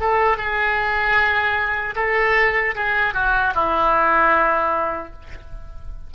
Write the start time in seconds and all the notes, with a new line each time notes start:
0.00 A4
0.37 G#4
1.96 A4
2.75 G#4
3.14 F#4
3.55 E4